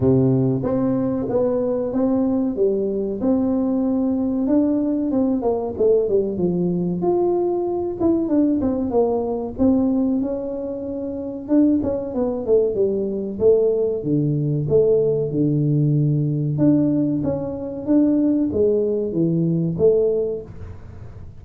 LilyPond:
\new Staff \with { instrumentName = "tuba" } { \time 4/4 \tempo 4 = 94 c4 c'4 b4 c'4 | g4 c'2 d'4 | c'8 ais8 a8 g8 f4 f'4~ | f'8 e'8 d'8 c'8 ais4 c'4 |
cis'2 d'8 cis'8 b8 a8 | g4 a4 d4 a4 | d2 d'4 cis'4 | d'4 gis4 e4 a4 | }